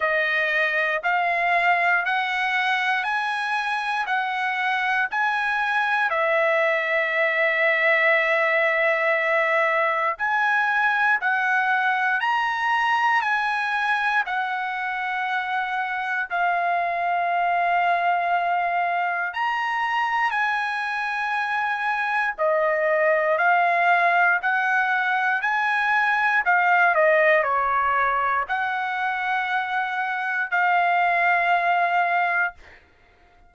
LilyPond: \new Staff \with { instrumentName = "trumpet" } { \time 4/4 \tempo 4 = 59 dis''4 f''4 fis''4 gis''4 | fis''4 gis''4 e''2~ | e''2 gis''4 fis''4 | ais''4 gis''4 fis''2 |
f''2. ais''4 | gis''2 dis''4 f''4 | fis''4 gis''4 f''8 dis''8 cis''4 | fis''2 f''2 | }